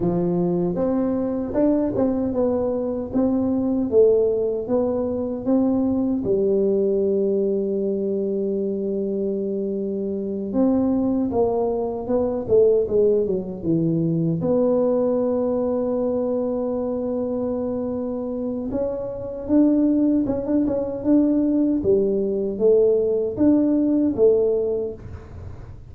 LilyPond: \new Staff \with { instrumentName = "tuba" } { \time 4/4 \tempo 4 = 77 f4 c'4 d'8 c'8 b4 | c'4 a4 b4 c'4 | g1~ | g4. c'4 ais4 b8 |
a8 gis8 fis8 e4 b4.~ | b1 | cis'4 d'4 cis'16 d'16 cis'8 d'4 | g4 a4 d'4 a4 | }